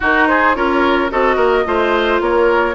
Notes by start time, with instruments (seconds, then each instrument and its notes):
0.00 clarinet D#4, bassoon D#4, oboe F#4, flute A#4
0.27 oboe G#4, flute C5
0.54 bassoon C#4, clarinet F4, oboe A#4, flute C#5
1.10 bassoon C4, clarinet F#4, oboe A4, flute D#5
1.36 bassoon A#3, oboe A#4
1.64 bassoon A3, clarinet F4, oboe C5
2.20 bassoon A#3, oboe A#4, flute C#5